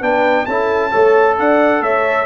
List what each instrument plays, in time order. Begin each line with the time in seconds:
0.00 tuba B3, trombone D4, horn B4, trumpet G5
0.45 tuba C#4, trombone E4, horn A4, trumpet A5
0.91 tuba A3, trombone A4, horn C#5
1.39 tuba D4, horn D5, trumpet F#5
1.80 tuba A3, horn C#5, trumpet E5